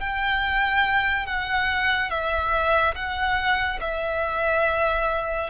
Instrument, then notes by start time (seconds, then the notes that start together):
violin
0.00 G5
1.26 F#5
2.10 E5
2.95 F#5
3.81 E5